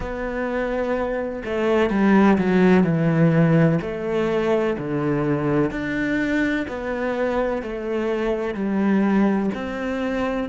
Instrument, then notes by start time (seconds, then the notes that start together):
cello
0.00 B3
1.45 A3
1.90 G3
2.38 F#3
2.83 E3
3.81 A3
4.78 D3
5.70 D4
6.68 B3
7.62 A3
8.54 G3
9.54 C4